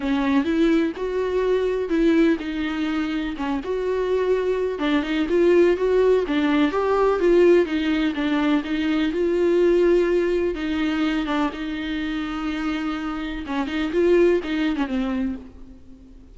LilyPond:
\new Staff \with { instrumentName = "viola" } { \time 4/4 \tempo 4 = 125 cis'4 e'4 fis'2 | e'4 dis'2 cis'8 fis'8~ | fis'2 d'8 dis'8 f'4 | fis'4 d'4 g'4 f'4 |
dis'4 d'4 dis'4 f'4~ | f'2 dis'4. d'8 | dis'1 | cis'8 dis'8 f'4 dis'8. cis'16 c'4 | }